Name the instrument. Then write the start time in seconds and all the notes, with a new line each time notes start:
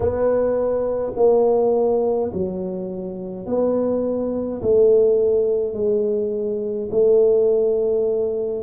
tuba
0.00 B3
1.15 A#3
2.33 F#3
3.46 B3
4.62 A3
5.73 G#3
6.91 A3